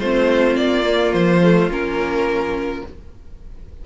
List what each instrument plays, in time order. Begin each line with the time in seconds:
0.00 cello A3, viola C4, violin F4 C5
0.56 cello A#3, violin D5
0.83 viola A#3
1.13 cello F3, violin C5
1.43 viola A3
1.68 cello A#3, viola C#4, violin A#4